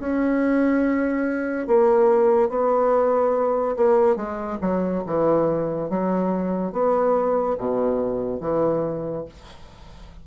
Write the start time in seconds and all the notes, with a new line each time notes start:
0.00 C#4
1.67 A#3
2.49 B3
3.77 A#3
4.16 G#3
4.61 F#3
5.07 E3
5.90 F#3
6.73 B3
7.58 B2
8.41 E3